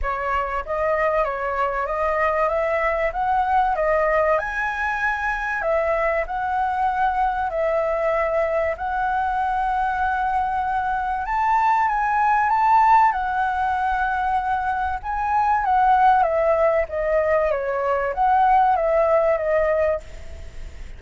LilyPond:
\new Staff \with { instrumentName = "flute" } { \time 4/4 \tempo 4 = 96 cis''4 dis''4 cis''4 dis''4 | e''4 fis''4 dis''4 gis''4~ | gis''4 e''4 fis''2 | e''2 fis''2~ |
fis''2 a''4 gis''4 | a''4 fis''2. | gis''4 fis''4 e''4 dis''4 | cis''4 fis''4 e''4 dis''4 | }